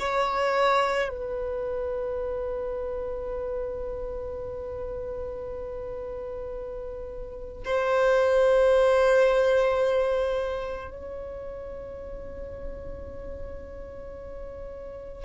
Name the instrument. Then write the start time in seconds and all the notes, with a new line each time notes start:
violin
0.00 C#5
1.09 B4
7.65 C5
10.90 C#5